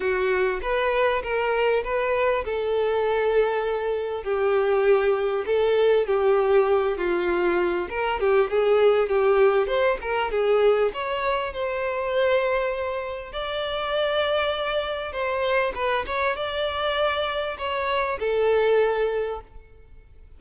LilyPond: \new Staff \with { instrumentName = "violin" } { \time 4/4 \tempo 4 = 99 fis'4 b'4 ais'4 b'4 | a'2. g'4~ | g'4 a'4 g'4. f'8~ | f'4 ais'8 g'8 gis'4 g'4 |
c''8 ais'8 gis'4 cis''4 c''4~ | c''2 d''2~ | d''4 c''4 b'8 cis''8 d''4~ | d''4 cis''4 a'2 | }